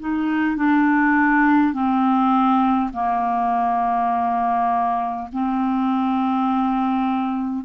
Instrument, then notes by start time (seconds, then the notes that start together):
clarinet
0.00 D#4
0.57 D4
1.73 C4
2.93 A#3
5.33 C4